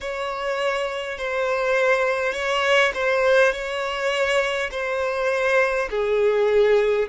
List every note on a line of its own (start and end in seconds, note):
0.00 1.18 C#5
1.18 2.33 C5
2.33 2.91 C#5
2.94 3.52 C5
3.52 4.70 C#5
4.71 5.88 C5
5.90 7.08 G#4